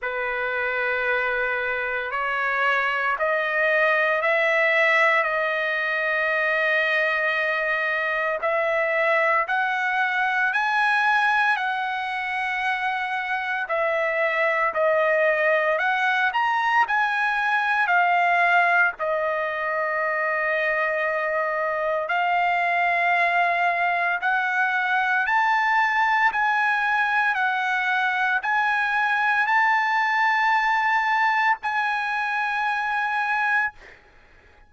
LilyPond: \new Staff \with { instrumentName = "trumpet" } { \time 4/4 \tempo 4 = 57 b'2 cis''4 dis''4 | e''4 dis''2. | e''4 fis''4 gis''4 fis''4~ | fis''4 e''4 dis''4 fis''8 ais''8 |
gis''4 f''4 dis''2~ | dis''4 f''2 fis''4 | a''4 gis''4 fis''4 gis''4 | a''2 gis''2 | }